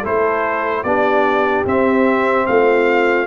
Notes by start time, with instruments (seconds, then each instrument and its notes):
0.00 tuba A3, trombone E4, horn A4, trumpet C5
0.83 tuba B3, trombone D4, horn G4, trumpet D5
1.65 tuba C4, trombone C4, trumpet E5
2.46 tuba A3, horn F4, trumpet F5